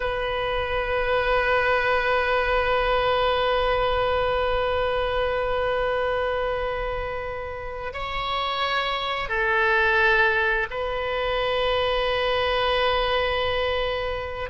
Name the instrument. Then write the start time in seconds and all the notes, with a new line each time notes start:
oboe
0.00 B4
7.93 C#5
9.28 A4
10.70 B4